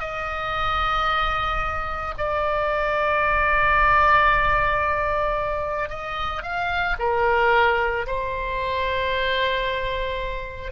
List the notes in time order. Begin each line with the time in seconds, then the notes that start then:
0.00 D#5
2.18 D5
5.90 D#5
6.43 F5
6.99 A#4
8.07 C5